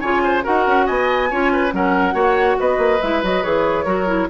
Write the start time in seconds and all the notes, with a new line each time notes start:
0.00 C#3 F4 C#5 G#5
0.23 C5
0.43 D#4 F#4 A#4 F#5
0.66 C#4
0.86 B3 D#5 G#5
1.30 C#4 F4 C#5
1.52 B4
1.71 F#3 C#4 A#4 F#5
2.12 A#3 F#4 C#5
2.60 B3 B4 D#5
2.78 A#3
3.02 G#3 E4 E5
3.23 F#3 F#4 D#5
3.43 E3 G#4 C#5
3.85 F#3 F#4 A#4
4.07 E4